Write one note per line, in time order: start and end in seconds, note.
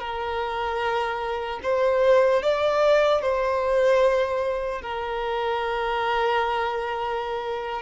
0.00 1.60 A#4
1.63 2.43 C5
2.43 3.22 D5
3.22 4.82 C5
4.82 7.82 A#4